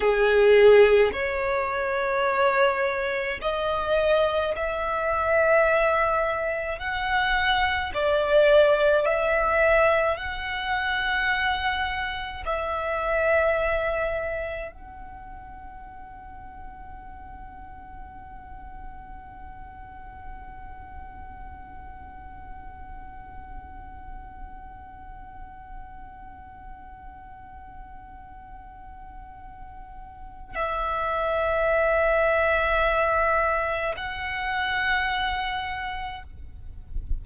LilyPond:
\new Staff \with { instrumentName = "violin" } { \time 4/4 \tempo 4 = 53 gis'4 cis''2 dis''4 | e''2 fis''4 d''4 | e''4 fis''2 e''4~ | e''4 fis''2.~ |
fis''1~ | fis''1~ | fis''2. e''4~ | e''2 fis''2 | }